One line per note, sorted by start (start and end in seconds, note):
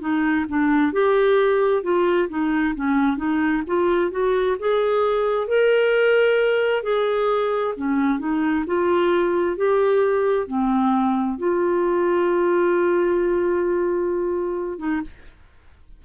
0.00 0.45 D#4
0.48 0.93 D4
0.93 1.83 G4
1.83 2.29 F4
2.29 2.74 D#4
2.75 3.17 C#4
3.17 3.62 D#4
3.67 4.11 F4
4.11 4.57 F#4
4.60 5.48 G#4
5.48 6.83 A#4
6.83 7.74 G#4
7.77 8.19 C#4
8.19 8.64 D#4
8.67 9.57 F4
9.57 10.48 G4
10.48 11.38 C4
11.38 14.79 F4
14.79 15.01 D#4